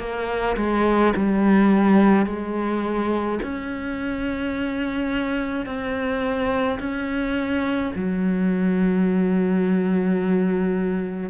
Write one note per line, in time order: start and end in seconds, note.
0.00 0.57 A#3
0.57 1.14 G#3
1.16 2.26 G3
2.26 3.40 G#3
3.43 5.66 C#4
5.66 6.79 C4
6.80 7.93 C#4
7.96 11.30 F#3